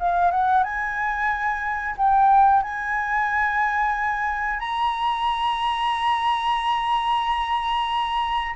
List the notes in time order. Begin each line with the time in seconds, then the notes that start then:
0.00 F5
0.31 F#5
0.64 G#5
1.98 G5
2.63 G#5
4.60 A#5